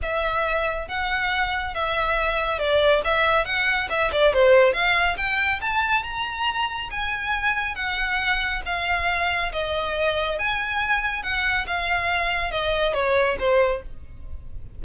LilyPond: \new Staff \with { instrumentName = "violin" } { \time 4/4 \tempo 4 = 139 e''2 fis''2 | e''2 d''4 e''4 | fis''4 e''8 d''8 c''4 f''4 | g''4 a''4 ais''2 |
gis''2 fis''2 | f''2 dis''2 | gis''2 fis''4 f''4~ | f''4 dis''4 cis''4 c''4 | }